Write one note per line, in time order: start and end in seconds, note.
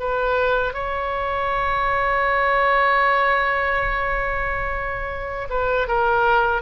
0.00 0.74 B4
0.74 5.49 C#5
5.50 5.88 B4
5.88 6.62 A#4